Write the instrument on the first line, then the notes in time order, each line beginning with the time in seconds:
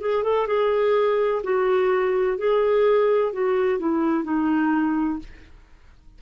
clarinet
0.00 G#4
0.23 A4
0.47 G#4
1.43 F#4
2.38 G#4
3.32 F#4
3.79 E4
4.24 D#4